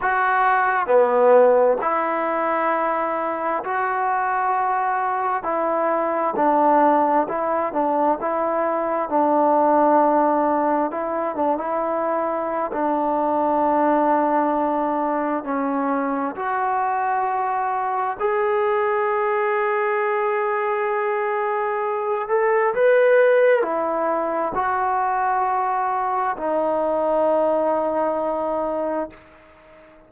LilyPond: \new Staff \with { instrumentName = "trombone" } { \time 4/4 \tempo 4 = 66 fis'4 b4 e'2 | fis'2 e'4 d'4 | e'8 d'8 e'4 d'2 | e'8 d'16 e'4~ e'16 d'2~ |
d'4 cis'4 fis'2 | gis'1~ | gis'8 a'8 b'4 e'4 fis'4~ | fis'4 dis'2. | }